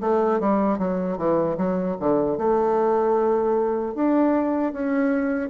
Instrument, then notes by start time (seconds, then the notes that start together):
bassoon
0.00 A3
0.40 G3
0.78 F#3
1.17 E3
1.57 F#3
2.00 D3
2.37 A3
3.94 D4
4.73 C#4